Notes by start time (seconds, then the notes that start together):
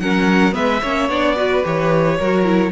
0.00 F#3 C#4 A#4 F#5
0.52 G#3 B3 B4 E5
0.82 A#3 C#4 C#5
1.09 B3 D4 D5
1.37 F#4 B4
1.64 E3 G4 C#5
2.20 F#3 F#4 A#4
2.45 E4